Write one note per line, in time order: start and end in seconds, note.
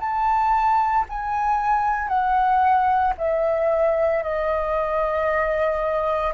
0.00 1.05 A5
1.09 2.08 G#5
2.08 3.13 F#5
3.18 4.23 E5
4.23 6.33 D#5